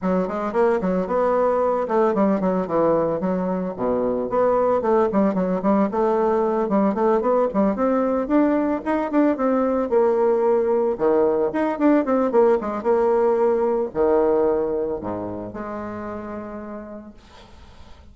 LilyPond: \new Staff \with { instrumentName = "bassoon" } { \time 4/4 \tempo 4 = 112 fis8 gis8 ais8 fis8 b4. a8 | g8 fis8 e4 fis4 b,4 | b4 a8 g8 fis8 g8 a4~ | a8 g8 a8 b8 g8 c'4 d'8~ |
d'8 dis'8 d'8 c'4 ais4.~ | ais8 dis4 dis'8 d'8 c'8 ais8 gis8 | ais2 dis2 | gis,4 gis2. | }